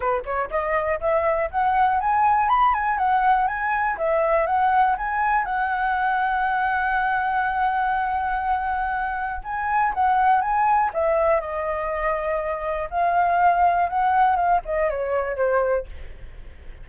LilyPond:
\new Staff \with { instrumentName = "flute" } { \time 4/4 \tempo 4 = 121 b'8 cis''8 dis''4 e''4 fis''4 | gis''4 b''8 gis''8 fis''4 gis''4 | e''4 fis''4 gis''4 fis''4~ | fis''1~ |
fis''2. gis''4 | fis''4 gis''4 e''4 dis''4~ | dis''2 f''2 | fis''4 f''8 dis''8 cis''4 c''4 | }